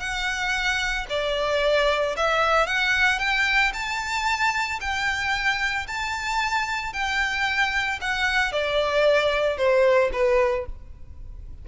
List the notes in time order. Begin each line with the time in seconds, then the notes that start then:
0.00 F#5
1.10 D5
2.16 E5
2.67 F#5
3.19 G5
3.73 A5
4.81 G5
5.87 A5
6.93 G5
8.01 F#5
8.52 D5
9.57 C5
10.13 B4